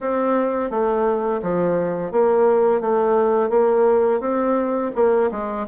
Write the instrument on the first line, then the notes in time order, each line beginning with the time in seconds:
bassoon
0.00 C4
0.70 A3
1.42 F3
2.11 A#3
2.80 A3
3.49 A#3
4.20 C4
4.95 A#3
5.31 G#3